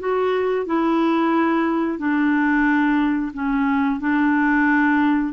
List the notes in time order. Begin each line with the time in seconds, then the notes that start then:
0.00 F#4
0.66 E4
1.99 D4
3.34 C#4
4.00 D4